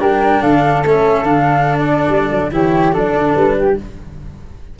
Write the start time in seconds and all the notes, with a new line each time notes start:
0.00 G3 D4 A#4 G5
0.42 D3 A4 F5
0.85 A3 C#4 E5
1.23 D3 D4 F5
1.79 D5
2.09 G3
2.32 F#3
2.52 E3 E4 G4 C#5
2.93 F#3 D4 A4 D5
3.14 D3
3.34 G3 B4
3.59 G4